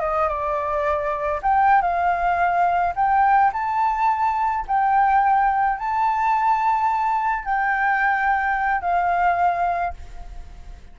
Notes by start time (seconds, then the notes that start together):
0.00 D#5
0.28 D5
1.42 G5
1.81 F5
2.95 G5
3.53 A5
4.67 G5
5.78 A5
7.45 G5
8.81 F5